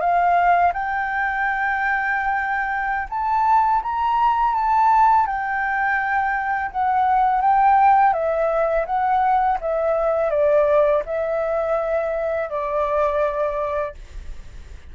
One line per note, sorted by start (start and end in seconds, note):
0.00 0.72 F5
0.73 3.08 G5
3.10 3.82 A5
3.82 4.54 A#5
4.54 5.26 A5
5.26 6.71 G5
6.71 7.41 F#5
7.41 8.13 G5
8.13 8.86 E5
8.86 9.58 F#5
9.60 10.30 E5
10.30 11.03 D5
11.06 12.50 E5
12.50 13.94 D5